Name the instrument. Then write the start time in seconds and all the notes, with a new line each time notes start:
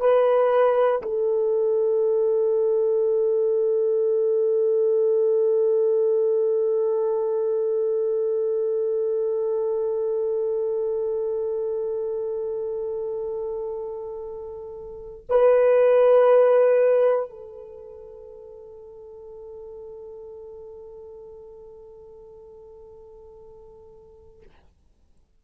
horn
0.00 B4
1.02 A4
15.30 B4
17.30 A4